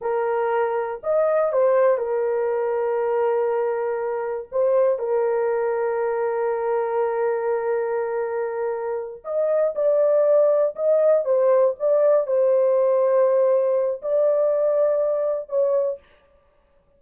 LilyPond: \new Staff \with { instrumentName = "horn" } { \time 4/4 \tempo 4 = 120 ais'2 dis''4 c''4 | ais'1~ | ais'4 c''4 ais'2~ | ais'1~ |
ais'2~ ais'8 dis''4 d''8~ | d''4. dis''4 c''4 d''8~ | d''8 c''2.~ c''8 | d''2. cis''4 | }